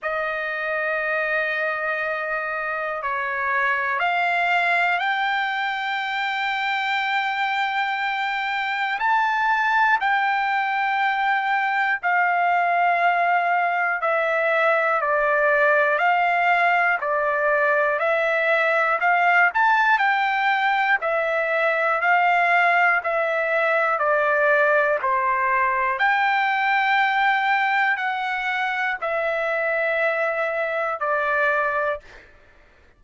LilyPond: \new Staff \with { instrumentName = "trumpet" } { \time 4/4 \tempo 4 = 60 dis''2. cis''4 | f''4 g''2.~ | g''4 a''4 g''2 | f''2 e''4 d''4 |
f''4 d''4 e''4 f''8 a''8 | g''4 e''4 f''4 e''4 | d''4 c''4 g''2 | fis''4 e''2 d''4 | }